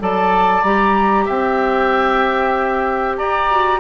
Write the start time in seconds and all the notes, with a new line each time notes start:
0.00 F#3 A4 D5 A5
0.63 G3 G4 A#5
1.26 C4 E5 G5
3.18 G4 D5 A#5
3.51 F#4